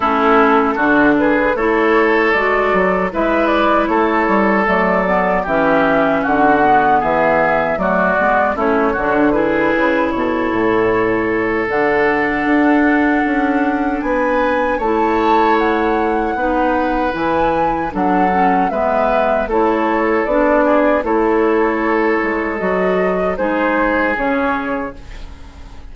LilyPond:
<<
  \new Staff \with { instrumentName = "flute" } { \time 4/4 \tempo 4 = 77 a'4. b'8 cis''4 d''4 | e''8 d''8 cis''4 d''4 e''4 | fis''4 e''4 d''4 cis''4 | b'4 cis''2 fis''4~ |
fis''2 gis''4 a''4 | fis''2 gis''4 fis''4 | e''4 cis''4 d''4 cis''4~ | cis''4 dis''4 c''4 cis''4 | }
  \new Staff \with { instrumentName = "oboe" } { \time 4/4 e'4 fis'8 gis'8 a'2 | b'4 a'2 g'4 | fis'4 gis'4 fis'4 e'8 fis'8 | gis'4 a'2.~ |
a'2 b'4 cis''4~ | cis''4 b'2 a'4 | b'4 a'4. gis'8 a'4~ | a'2 gis'2 | }
  \new Staff \with { instrumentName = "clarinet" } { \time 4/4 cis'4 d'4 e'4 fis'4 | e'2 a8 b8 cis'4~ | cis'8 b4. a8 b8 cis'8 d'8 | e'2. d'4~ |
d'2. e'4~ | e'4 dis'4 e'4 d'8 cis'8 | b4 e'4 d'4 e'4~ | e'4 fis'4 dis'4 cis'4 | }
  \new Staff \with { instrumentName = "bassoon" } { \time 4/4 a4 d4 a4 gis8 fis8 | gis4 a8 g8 fis4 e4 | d4 e4 fis8 gis8 a8 d8~ | d8 cis8 b,8 a,4. d4 |
d'4 cis'4 b4 a4~ | a4 b4 e4 fis4 | gis4 a4 b4 a4~ | a8 gis8 fis4 gis4 cis4 | }
>>